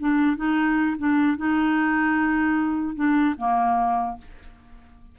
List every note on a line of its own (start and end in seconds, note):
0.00 0.37 D4
0.37 0.97 D#4
0.99 1.38 D4
1.38 2.96 D#4
2.96 3.36 D4
3.38 4.18 A#3